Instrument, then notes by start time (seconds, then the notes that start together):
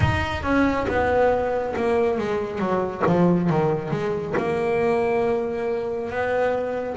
double bass
0.00 D#4
0.42 C#4
0.87 B3
1.76 A#3
2.18 G#3
2.58 F#3
3.06 F3
3.49 D#3
3.91 G#3
4.36 A#3
6.09 B3